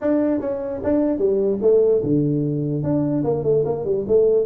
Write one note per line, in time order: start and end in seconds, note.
0.01 0.40 D4
0.40 0.81 C#4
0.83 1.18 D4
1.18 1.58 G3
1.61 2.02 A3
2.02 2.83 D3
2.83 3.23 D4
3.24 3.43 A#3
3.43 3.64 A3
3.65 3.84 A#3
3.84 4.05 G3
4.07 4.45 A3